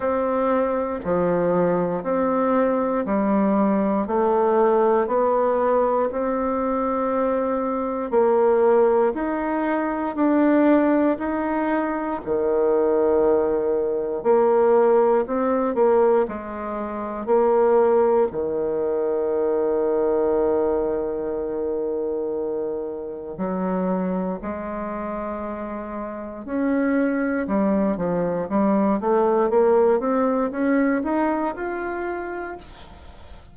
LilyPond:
\new Staff \with { instrumentName = "bassoon" } { \time 4/4 \tempo 4 = 59 c'4 f4 c'4 g4 | a4 b4 c'2 | ais4 dis'4 d'4 dis'4 | dis2 ais4 c'8 ais8 |
gis4 ais4 dis2~ | dis2. fis4 | gis2 cis'4 g8 f8 | g8 a8 ais8 c'8 cis'8 dis'8 f'4 | }